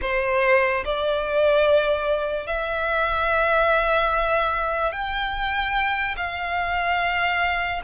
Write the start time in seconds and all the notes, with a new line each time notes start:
0.01 C5
0.84 D5
2.47 E5
4.91 G5
6.16 F5